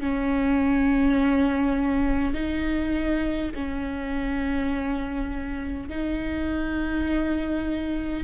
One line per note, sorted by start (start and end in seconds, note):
0.00 2.34 C#4
2.34 3.51 D#4
3.55 5.89 C#4
5.89 8.24 D#4